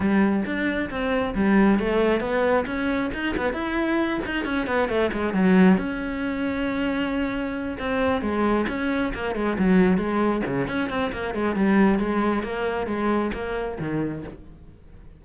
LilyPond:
\new Staff \with { instrumentName = "cello" } { \time 4/4 \tempo 4 = 135 g4 d'4 c'4 g4 | a4 b4 cis'4 dis'8 b8 | e'4. dis'8 cis'8 b8 a8 gis8 | fis4 cis'2.~ |
cis'4. c'4 gis4 cis'8~ | cis'8 ais8 gis8 fis4 gis4 cis8 | cis'8 c'8 ais8 gis8 g4 gis4 | ais4 gis4 ais4 dis4 | }